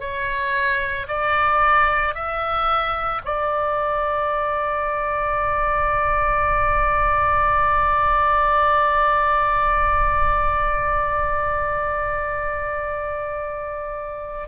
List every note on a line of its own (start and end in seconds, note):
0.00 1.07 C#5
1.08 2.15 D5
2.15 3.22 E5
3.25 14.48 D5